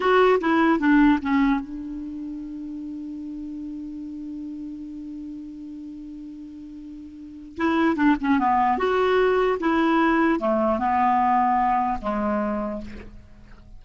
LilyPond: \new Staff \with { instrumentName = "clarinet" } { \time 4/4 \tempo 4 = 150 fis'4 e'4 d'4 cis'4 | d'1~ | d'1~ | d'1~ |
d'2. e'4 | d'8 cis'8 b4 fis'2 | e'2 a4 b4~ | b2 gis2 | }